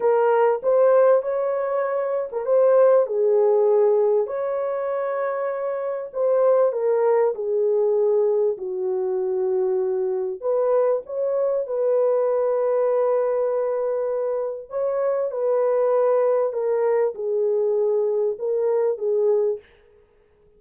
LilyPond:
\new Staff \with { instrumentName = "horn" } { \time 4/4 \tempo 4 = 98 ais'4 c''4 cis''4.~ cis''16 ais'16 | c''4 gis'2 cis''4~ | cis''2 c''4 ais'4 | gis'2 fis'2~ |
fis'4 b'4 cis''4 b'4~ | b'1 | cis''4 b'2 ais'4 | gis'2 ais'4 gis'4 | }